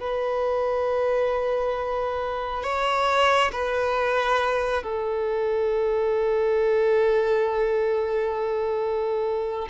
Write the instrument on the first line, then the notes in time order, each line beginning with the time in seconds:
violin
0.00 B4
2.63 C#5
3.52 B4
4.83 A4